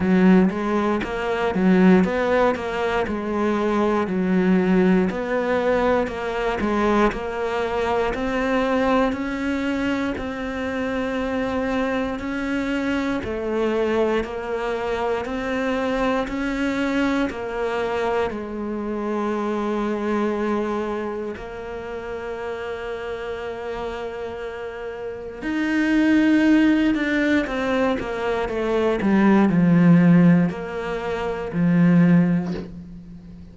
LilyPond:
\new Staff \with { instrumentName = "cello" } { \time 4/4 \tempo 4 = 59 fis8 gis8 ais8 fis8 b8 ais8 gis4 | fis4 b4 ais8 gis8 ais4 | c'4 cis'4 c'2 | cis'4 a4 ais4 c'4 |
cis'4 ais4 gis2~ | gis4 ais2.~ | ais4 dis'4. d'8 c'8 ais8 | a8 g8 f4 ais4 f4 | }